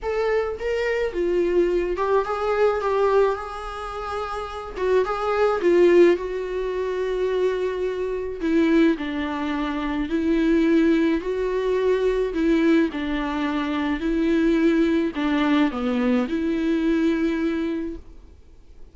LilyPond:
\new Staff \with { instrumentName = "viola" } { \time 4/4 \tempo 4 = 107 a'4 ais'4 f'4. g'8 | gis'4 g'4 gis'2~ | gis'8 fis'8 gis'4 f'4 fis'4~ | fis'2. e'4 |
d'2 e'2 | fis'2 e'4 d'4~ | d'4 e'2 d'4 | b4 e'2. | }